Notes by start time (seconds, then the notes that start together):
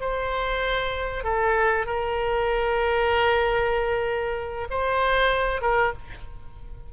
0.00 C5
1.24 A4
1.86 A#4
4.70 C5
5.62 A#4